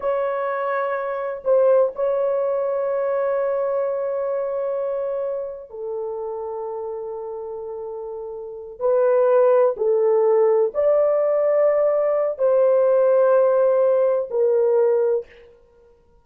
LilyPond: \new Staff \with { instrumentName = "horn" } { \time 4/4 \tempo 4 = 126 cis''2. c''4 | cis''1~ | cis''1 | a'1~ |
a'2~ a'8 b'4.~ | b'8 a'2 d''4.~ | d''2 c''2~ | c''2 ais'2 | }